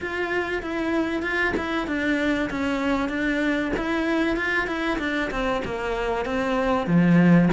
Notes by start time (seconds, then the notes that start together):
0.00 F4
0.62 E4
1.22 F4
1.56 E4
1.87 D4
2.50 C#4
3.09 D4
3.76 E4
4.36 F4
4.67 E4
4.99 D4
5.30 C4
5.64 A#3
6.25 C4
6.86 F3